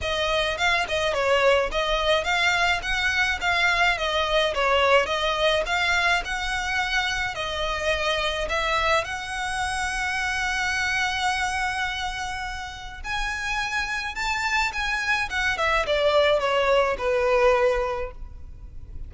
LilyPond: \new Staff \with { instrumentName = "violin" } { \time 4/4 \tempo 4 = 106 dis''4 f''8 dis''8 cis''4 dis''4 | f''4 fis''4 f''4 dis''4 | cis''4 dis''4 f''4 fis''4~ | fis''4 dis''2 e''4 |
fis''1~ | fis''2. gis''4~ | gis''4 a''4 gis''4 fis''8 e''8 | d''4 cis''4 b'2 | }